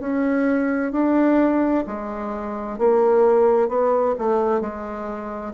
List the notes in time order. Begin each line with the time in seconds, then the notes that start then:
0.00 C#4
0.92 D4
1.87 G#3
2.79 A#3
3.68 B3
4.19 A3
4.61 G#3